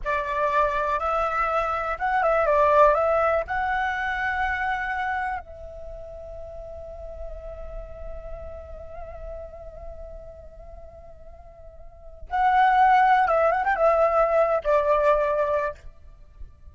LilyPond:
\new Staff \with { instrumentName = "flute" } { \time 4/4 \tempo 4 = 122 d''2 e''2 | fis''8 e''8 d''4 e''4 fis''4~ | fis''2. e''4~ | e''1~ |
e''1~ | e''1~ | e''4 fis''2 e''8 fis''16 g''16 | e''4.~ e''16 d''2~ d''16 | }